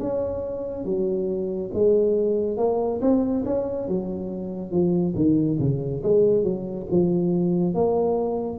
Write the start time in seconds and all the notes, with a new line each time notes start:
0.00 C#4
0.85 F#3
1.74 G#3
2.58 A#3
3.02 C4
3.46 C#4
3.88 F#3
4.71 F3
5.16 D#3
5.60 C#3
6.04 G#3
6.44 F#3
6.91 F3
7.75 A#3